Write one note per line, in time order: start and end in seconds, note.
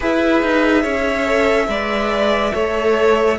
0.00 0.42 E4
0.00 1.26 G#4
0.00 0.82 B4
0.00 3.38 E5
0.42 0.84 D#4
0.82 1.68 C#4
0.82 1.66 C#5
1.26 1.68 A4
1.68 2.52 G#3
1.68 2.52 B4
1.68 2.53 D5
2.52 3.38 A3
2.52 3.37 A4
2.52 3.38 C#5